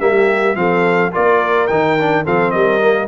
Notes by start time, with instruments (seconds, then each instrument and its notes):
0.00 tuba G3, trombone A#3, horn G4, trumpet E5
0.55 tuba F3, trombone C4, horn A4, trumpet F5
1.12 tuba A#3, trombone F4, horn A#4, trumpet D5
1.68 tuba D#3, trombone D#4, trumpet G5
1.99 trombone D4
2.24 tuba F3, trombone C4, horn A4, trumpet F5
2.51 tuba G3, horn A#4, trumpet D#5
2.81 trombone A#3